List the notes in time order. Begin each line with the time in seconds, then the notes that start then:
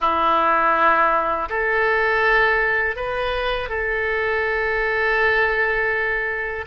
0.00 E4
1.48 A4
2.96 B4
3.69 A4